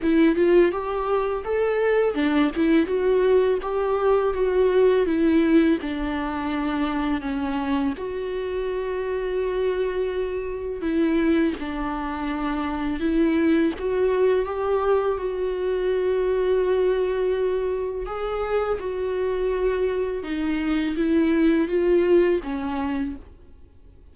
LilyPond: \new Staff \with { instrumentName = "viola" } { \time 4/4 \tempo 4 = 83 e'8 f'8 g'4 a'4 d'8 e'8 | fis'4 g'4 fis'4 e'4 | d'2 cis'4 fis'4~ | fis'2. e'4 |
d'2 e'4 fis'4 | g'4 fis'2.~ | fis'4 gis'4 fis'2 | dis'4 e'4 f'4 cis'4 | }